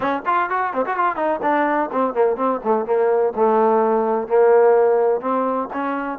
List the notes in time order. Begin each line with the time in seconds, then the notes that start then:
0.00 C#4
0.25 F4
0.49 F#4
0.73 C4
0.85 F#4
0.96 F4
1.16 D#4
1.42 D4
1.92 C4
2.13 A#3
2.36 C4
2.64 A3
2.85 A#3
3.35 A3
4.27 A#3
5.20 C4
5.73 C#4